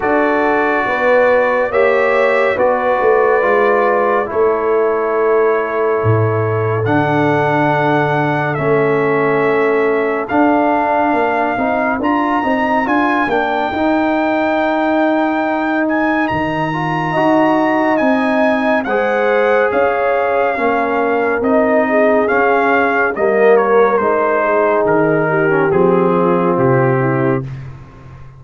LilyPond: <<
  \new Staff \with { instrumentName = "trumpet" } { \time 4/4 \tempo 4 = 70 d''2 e''4 d''4~ | d''4 cis''2. | fis''2 e''2 | f''2 ais''4 gis''8 g''8~ |
g''2~ g''8 gis''8 ais''4~ | ais''4 gis''4 fis''4 f''4~ | f''4 dis''4 f''4 dis''8 cis''8 | c''4 ais'4 gis'4 g'4 | }
  \new Staff \with { instrumentName = "horn" } { \time 4/4 a'4 b'4 cis''4 b'4~ | b'4 a'2.~ | a'1~ | a'4 ais'2.~ |
ais'1 | dis''2 c''4 cis''4 | ais'4. gis'4. ais'4~ | ais'8 gis'4 g'4 f'4 e'8 | }
  \new Staff \with { instrumentName = "trombone" } { \time 4/4 fis'2 g'4 fis'4 | f'4 e'2. | d'2 cis'2 | d'4. dis'8 f'8 dis'8 f'8 d'8 |
dis'2.~ dis'8 f'8 | fis'4 dis'4 gis'2 | cis'4 dis'4 cis'4 ais4 | dis'4.~ dis'16 cis'16 c'2 | }
  \new Staff \with { instrumentName = "tuba" } { \time 4/4 d'4 b4 ais4 b8 a8 | gis4 a2 a,4 | d2 a2 | d'4 ais8 c'8 d'8 c'8 d'8 ais8 |
dis'2. dis4 | dis'4 c'4 gis4 cis'4 | ais4 c'4 cis'4 g4 | gis4 dis4 f4 c4 | }
>>